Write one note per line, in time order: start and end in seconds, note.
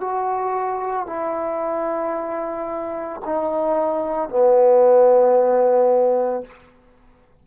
0.00 1.07 F#4
1.07 3.21 E4
3.25 4.29 D#4
4.29 6.43 B3